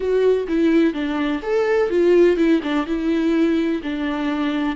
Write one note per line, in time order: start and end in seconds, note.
0.00 0.47 F#4
0.48 0.93 E4
0.93 1.41 D4
1.42 1.89 A4
1.90 2.36 F4
2.36 2.60 E4
2.62 2.86 D4
2.86 3.81 E4
3.82 4.76 D4